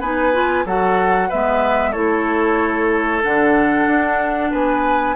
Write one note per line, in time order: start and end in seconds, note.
0.00 0.65 B3
0.00 0.33 D#4
0.00 0.65 B4
0.00 0.66 G#5
0.33 0.65 F4
0.65 1.30 F#3
0.65 1.31 F#4
0.65 1.29 A4
0.65 1.31 F#5
1.29 1.94 G#3
1.29 1.94 B3
1.29 1.91 B4
1.29 1.92 E5
1.91 3.24 A3
1.91 3.23 E4
1.91 4.49 A4
1.91 3.21 C#5
3.23 3.87 D3
3.23 5.16 D4
3.23 4.52 F#5
3.87 4.51 D4
4.51 5.16 B3
4.51 5.15 B4
4.51 5.16 G#5